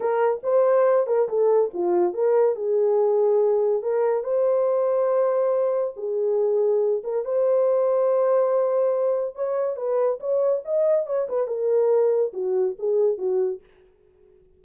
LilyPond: \new Staff \with { instrumentName = "horn" } { \time 4/4 \tempo 4 = 141 ais'4 c''4. ais'8 a'4 | f'4 ais'4 gis'2~ | gis'4 ais'4 c''2~ | c''2 gis'2~ |
gis'8 ais'8 c''2.~ | c''2 cis''4 b'4 | cis''4 dis''4 cis''8 b'8 ais'4~ | ais'4 fis'4 gis'4 fis'4 | }